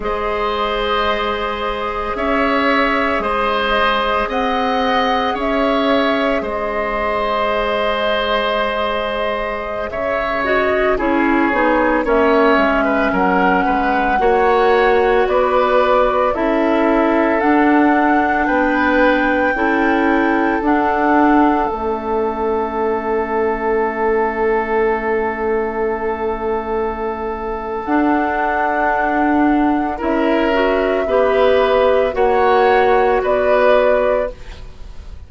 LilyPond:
<<
  \new Staff \with { instrumentName = "flute" } { \time 4/4 \tempo 4 = 56 dis''2 e''4 dis''4 | fis''4 e''4 dis''2~ | dis''4~ dis''16 e''8 dis''8 cis''4 e''8.~ | e''16 fis''2 d''4 e''8.~ |
e''16 fis''4 g''2 fis''8.~ | fis''16 e''2.~ e''8.~ | e''2 fis''2 | e''2 fis''4 d''4 | }
  \new Staff \with { instrumentName = "oboe" } { \time 4/4 c''2 cis''4 c''4 | dis''4 cis''4 c''2~ | c''4~ c''16 cis''4 gis'4 cis''8. | b'16 ais'8 b'8 cis''4 b'4 a'8.~ |
a'4~ a'16 b'4 a'4.~ a'16~ | a'1~ | a'1 | ais'4 b'4 cis''4 b'4 | }
  \new Staff \with { instrumentName = "clarinet" } { \time 4/4 gis'1~ | gis'1~ | gis'4.~ gis'16 fis'8 e'8 dis'8 cis'8.~ | cis'4~ cis'16 fis'2 e'8.~ |
e'16 d'2 e'4 d'8.~ | d'16 cis'2.~ cis'8.~ | cis'2 d'2 | e'8 fis'8 g'4 fis'2 | }
  \new Staff \with { instrumentName = "bassoon" } { \time 4/4 gis2 cis'4 gis4 | c'4 cis'4 gis2~ | gis4~ gis16 cis4 cis'8 b8 ais8 gis16~ | gis16 fis8 gis8 ais4 b4 cis'8.~ |
cis'16 d'4 b4 cis'4 d'8.~ | d'16 a2.~ a8.~ | a2 d'2 | cis'4 b4 ais4 b4 | }
>>